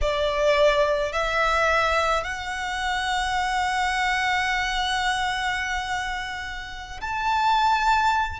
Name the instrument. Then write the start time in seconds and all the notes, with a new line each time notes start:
violin
0.01 D5
1.12 E5
2.23 F#5
7.00 A5